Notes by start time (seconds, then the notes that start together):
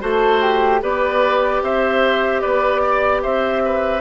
0.00 A3 F#4 A4 C5
0.42 G4
0.81 B3 G4 B4 D5
1.62 C4 C5 E5
2.41 B3 B4 D5
2.82 D5
3.23 C4 C5 E5
3.65 B4